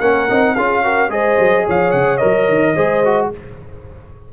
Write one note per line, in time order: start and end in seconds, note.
0.00 0.28 A#3
0.00 0.28 C#4
0.00 0.55 A#4
0.00 0.55 F#5
0.28 0.57 C4
0.28 0.56 D#4
0.55 1.09 C#4
0.55 0.83 F4
0.55 0.83 G#4
0.55 1.10 F5
0.83 1.10 F#4
0.83 1.11 A#4
1.09 1.37 G#3
1.09 2.19 G#4
1.09 1.65 C5
1.09 1.66 D#5
1.39 1.66 F#3
1.65 1.93 F3
1.65 2.74 C#5
1.65 1.90 F5
1.90 2.20 C#3
1.90 2.17 F#5
2.17 2.48 F#3
2.17 2.75 A#4
2.17 3.27 D#5
2.48 2.76 D#3
2.74 3.31 G#3
2.74 3.03 G#4
2.74 3.29 C5
3.05 3.32 F#4